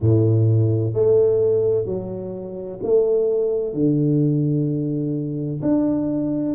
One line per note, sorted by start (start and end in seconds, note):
0.00 0.93 A2
0.93 1.85 A3
1.85 2.79 F#3
2.82 3.73 A3
3.73 5.60 D3
5.62 6.55 D4